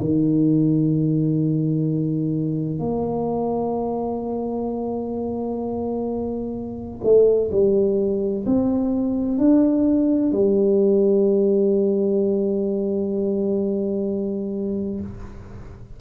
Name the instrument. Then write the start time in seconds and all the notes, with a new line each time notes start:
tuba
0.00 D#3
2.80 A#3
7.04 A3
7.52 G3
8.46 C4
9.38 D4
10.32 G3